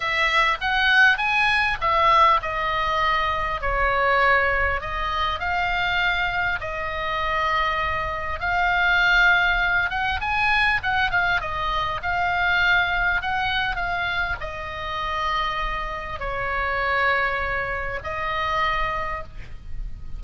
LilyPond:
\new Staff \with { instrumentName = "oboe" } { \time 4/4 \tempo 4 = 100 e''4 fis''4 gis''4 e''4 | dis''2 cis''2 | dis''4 f''2 dis''4~ | dis''2 f''2~ |
f''8 fis''8 gis''4 fis''8 f''8 dis''4 | f''2 fis''4 f''4 | dis''2. cis''4~ | cis''2 dis''2 | }